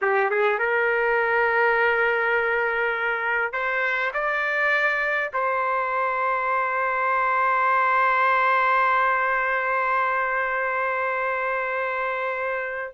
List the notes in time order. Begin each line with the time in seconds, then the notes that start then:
0.01 G4
0.30 G#4
0.59 A#4
3.52 C5
4.13 D5
5.33 C5